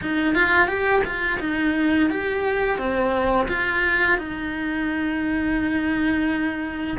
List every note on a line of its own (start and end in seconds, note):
0.01 0.35 D#4
0.35 0.67 F4
0.67 1.02 G4
1.04 1.39 F4
1.40 2.09 D#4
2.09 2.77 G4
2.77 3.47 C4
3.48 4.18 F4
4.18 6.97 D#4